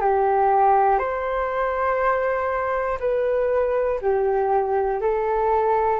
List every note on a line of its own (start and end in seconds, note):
0.00 0.98 G4
0.98 2.98 C5
3.00 4.00 B4
4.01 5.00 G4
5.00 6.00 A4